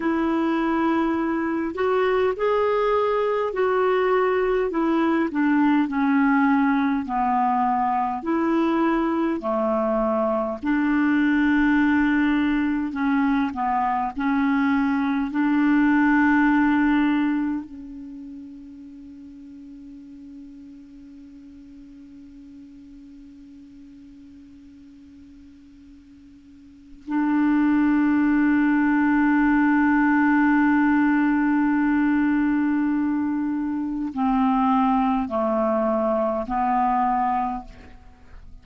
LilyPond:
\new Staff \with { instrumentName = "clarinet" } { \time 4/4 \tempo 4 = 51 e'4. fis'8 gis'4 fis'4 | e'8 d'8 cis'4 b4 e'4 | a4 d'2 cis'8 b8 | cis'4 d'2 cis'4~ |
cis'1~ | cis'2. d'4~ | d'1~ | d'4 c'4 a4 b4 | }